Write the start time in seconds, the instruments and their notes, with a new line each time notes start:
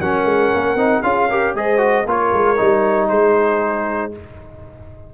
0.00 tuba F#3, trombone C#4, horn A#4, trumpet F#5
0.24 tuba G#3
0.54 tuba A#3
0.74 tuba C4, trombone D#4
1.02 tuba C#4, trombone F4, horn G#4, trumpet F5
1.28 trombone G4, horn A#4
1.54 tuba G#3, trombone G#4, horn C5, trumpet D#5
1.77 trombone F#4
2.05 tuba A#3, trombone F4, horn A#4, trumpet C#5
2.32 tuba G#3
2.56 tuba G3, trombone D#4
3.08 tuba G#3, horn G#4, trumpet C5